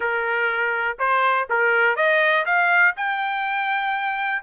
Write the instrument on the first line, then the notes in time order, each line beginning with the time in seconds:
trumpet
0.00 A#4
0.98 C5
1.49 A#4
1.96 D#5
2.45 F5
2.96 G5